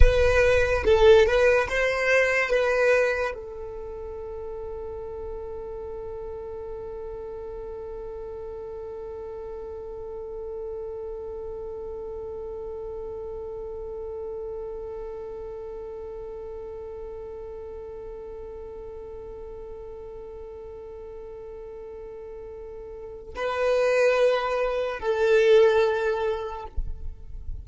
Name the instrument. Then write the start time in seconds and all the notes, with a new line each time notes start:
violin
0.00 B4
0.84 A4
1.26 B4
1.69 C5
2.50 B4
3.34 A4
23.35 B4
24.99 A4